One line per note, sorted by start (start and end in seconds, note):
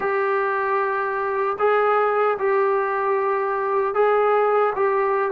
0.00 1.57 G4
1.58 2.37 G#4
2.38 3.94 G4
3.94 4.73 G#4
4.75 5.31 G4